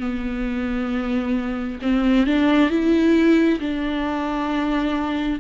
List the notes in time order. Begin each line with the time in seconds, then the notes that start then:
0.00 B3
1.82 C4
2.26 D4
2.69 E4
3.59 D4